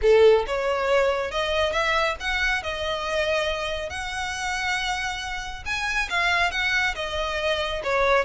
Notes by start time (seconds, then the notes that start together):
0.02 A4
0.46 C#5
1.31 D#5
1.72 E5
2.20 F#5
2.62 D#5
3.89 F#5
5.65 G#5
6.09 F5
6.51 F#5
6.95 D#5
7.83 C#5